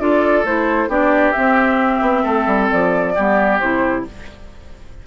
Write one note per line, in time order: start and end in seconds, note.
0.00 0.44 D4
0.00 0.45 F4
0.00 0.90 A4
0.00 0.45 D5
0.44 0.89 A3
0.44 0.90 E4
0.44 0.91 C5
0.89 1.34 B3
0.89 1.35 D4
0.89 2.23 G4
0.89 1.33 D5
1.33 3.16 C4
1.33 2.02 C4
1.33 2.68 E5
2.02 2.24 B3
2.23 2.47 A3
2.23 3.14 A4
2.47 2.70 G3
2.71 3.18 F3
2.71 3.60 D5
3.15 3.62 G3
3.15 3.61 B3
3.15 4.06 G4
3.60 4.07 C3
3.60 4.07 E4
3.60 4.05 C5